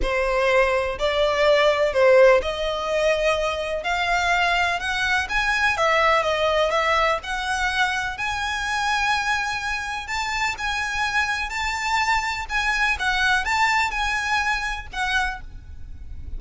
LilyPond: \new Staff \with { instrumentName = "violin" } { \time 4/4 \tempo 4 = 125 c''2 d''2 | c''4 dis''2. | f''2 fis''4 gis''4 | e''4 dis''4 e''4 fis''4~ |
fis''4 gis''2.~ | gis''4 a''4 gis''2 | a''2 gis''4 fis''4 | a''4 gis''2 fis''4 | }